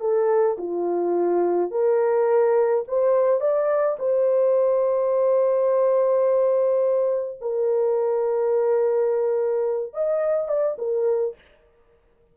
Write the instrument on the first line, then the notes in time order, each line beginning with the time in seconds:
horn
0.00 A4
0.57 F4
1.71 A#4
2.88 C5
3.40 D5
3.99 C5
7.41 A#4
9.93 D#5
10.48 D5
10.78 A#4